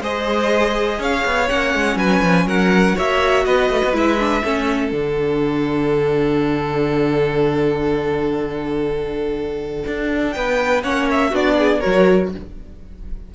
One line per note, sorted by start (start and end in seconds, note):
0.00 0.98 G#3
0.00 1.48 G#4
0.00 0.99 C5
0.00 1.02 D#5
0.98 1.23 C#4
0.98 1.97 C#5
0.98 1.48 F5
1.25 1.49 B3
1.48 1.74 A#3
1.48 2.96 C#4
1.48 1.97 F#5
1.74 1.96 G#3
1.96 2.20 F#3
1.96 2.46 B4
1.96 2.47 G#5
2.21 2.45 F3
2.45 2.94 F#3
2.45 2.95 A#4
2.45 2.97 F#5
2.95 3.45 A#3
2.95 3.93 F#4
2.95 3.44 C#5
2.95 3.45 E5
3.45 3.69 B3
3.45 4.43 B4
3.45 3.94 D#5
3.69 3.82 A3
3.84 3.93 B3
3.93 4.42 G#3
3.93 4.17 E4
3.93 4.92 E5
4.19 4.43 D4
4.43 4.92 A3
4.43 4.91 C#4
4.43 10.34 A4
4.91 9.83 D3
4.91 10.81 D4
4.91 10.32 F#5
9.86 10.35 D4
10.32 10.84 B3
10.32 10.83 B4
10.32 10.81 G5
10.82 11.32 A#3
10.82 11.31 C#4
10.82 11.30 C#5
10.82 11.08 F#5
11.11 11.35 E5
11.30 11.82 B3
11.30 11.82 D4
11.30 11.54 F#4
11.30 11.80 D5
11.58 11.79 G#4
11.79 12.34 F#3
11.79 12.31 F#4
11.79 12.29 A#4
11.79 12.29 C#5